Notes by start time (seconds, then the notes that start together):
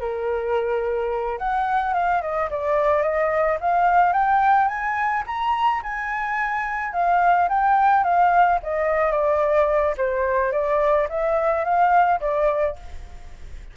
0.00 A#4
1.38 F#5
1.94 F5
2.21 D#5
2.51 D5
3.03 D#5
3.60 F5
4.13 G5
4.68 G#5
5.27 A#5
5.83 G#5
6.93 F5
7.49 G5
8.04 F5
8.63 D#5
9.12 D5
9.97 C5
10.52 D5
11.09 E5
11.64 F5
12.20 D5